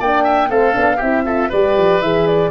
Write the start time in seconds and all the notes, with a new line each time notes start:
0.00 A#3 D4 D5 G5
0.24 E5
0.50 A3 C4 A4 F5
0.73 B3 D4
0.97 C4 E4 G4 E5
1.25 F4 A4
1.49 G3 G4 B4 D5
1.77 F3
2.01 E3 G#4 E5
2.27 D5